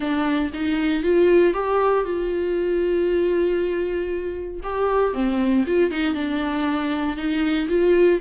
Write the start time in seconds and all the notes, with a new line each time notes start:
0.00 D4
0.53 D#4
1.03 F4
1.53 G4
2.04 F4
4.63 G4
5.13 C4
5.66 F4
5.90 D#4
6.14 D4
7.16 D#4
7.69 F4